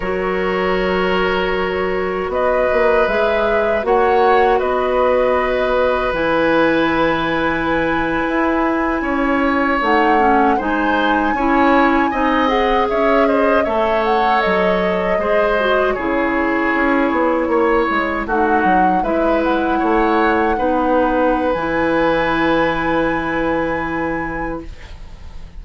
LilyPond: <<
  \new Staff \with { instrumentName = "flute" } { \time 4/4 \tempo 4 = 78 cis''2. dis''4 | e''4 fis''4 dis''2 | gis''1~ | gis''8. fis''4 gis''2~ gis''16~ |
gis''16 fis''8 e''8 dis''8 e''8 fis''8 dis''4~ dis''16~ | dis''8. cis''2. fis''16~ | fis''8. e''8 fis''2~ fis''8. | gis''1 | }
  \new Staff \with { instrumentName = "oboe" } { \time 4/4 ais'2. b'4~ | b'4 cis''4 b'2~ | b'2.~ b'8. cis''16~ | cis''4.~ cis''16 c''4 cis''4 dis''16~ |
dis''8. cis''8 c''8 cis''2 c''16~ | c''8. gis'2 cis''4 fis'16~ | fis'8. b'4 cis''4 b'4~ b'16~ | b'1 | }
  \new Staff \with { instrumentName = "clarinet" } { \time 4/4 fis'1 | gis'4 fis'2. | e'1~ | e'8. dis'8 cis'8 dis'4 e'4 dis'16~ |
dis'16 gis'4. a'2 gis'16~ | gis'16 fis'8 e'2. dis'16~ | dis'8. e'2 dis'4~ dis'16 | e'1 | }
  \new Staff \with { instrumentName = "bassoon" } { \time 4/4 fis2. b8 ais8 | gis4 ais4 b2 | e2~ e8. e'4 cis'16~ | cis'8. a4 gis4 cis'4 c'16~ |
c'8. cis'4 a4 fis4 gis16~ | gis8. cis4 cis'8 b8 ais8 gis8 a16~ | a16 fis8 gis4 a4 b4~ b16 | e1 | }
>>